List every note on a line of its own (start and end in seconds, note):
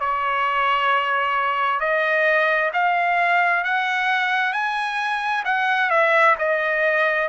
0.00 1.81 C#5
1.81 2.71 D#5
2.74 3.64 F5
3.64 4.53 F#5
4.53 5.44 G#5
5.45 5.90 F#5
5.90 6.36 E5
6.39 7.29 D#5